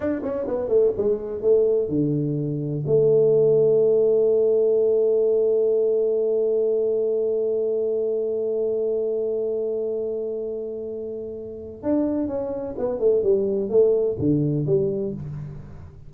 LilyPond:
\new Staff \with { instrumentName = "tuba" } { \time 4/4 \tempo 4 = 127 d'8 cis'8 b8 a8 gis4 a4 | d2 a2~ | a1~ | a1~ |
a1~ | a1~ | a4 d'4 cis'4 b8 a8 | g4 a4 d4 g4 | }